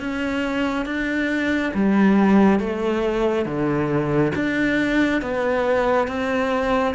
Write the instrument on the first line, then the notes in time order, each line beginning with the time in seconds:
cello
0.00 C#4
0.86 D4
1.74 G3
2.60 A3
3.45 D3
4.36 D4
5.22 B3
6.08 C4